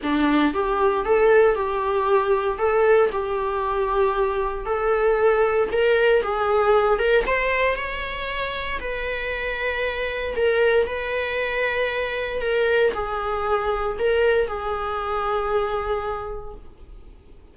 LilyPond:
\new Staff \with { instrumentName = "viola" } { \time 4/4 \tempo 4 = 116 d'4 g'4 a'4 g'4~ | g'4 a'4 g'2~ | g'4 a'2 ais'4 | gis'4. ais'8 c''4 cis''4~ |
cis''4 b'2. | ais'4 b'2. | ais'4 gis'2 ais'4 | gis'1 | }